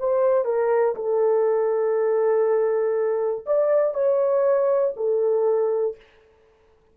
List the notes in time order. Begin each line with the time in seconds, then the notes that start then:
0.00 C5
0.45 A#4
0.95 A4
3.46 D5
3.94 C#5
4.97 A4